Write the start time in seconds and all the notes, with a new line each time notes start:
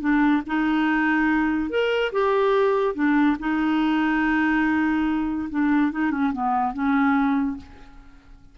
0.00 D4
0.46 D#4
1.69 A#4
2.12 G4
2.94 D4
3.39 D#4
5.50 D4
5.92 D#4
6.11 C#4
6.32 B3
6.73 C#4